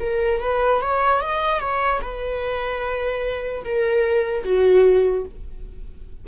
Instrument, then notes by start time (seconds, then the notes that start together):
viola
0.00 A#4
0.41 B4
0.81 C#5
1.21 D#5
1.60 C#5
2.02 B4
3.64 A#4
4.44 F#4